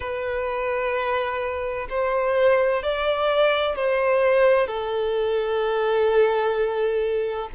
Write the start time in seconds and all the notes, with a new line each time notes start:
0.00 B4
1.89 C5
2.82 D5
3.75 C5
4.67 A4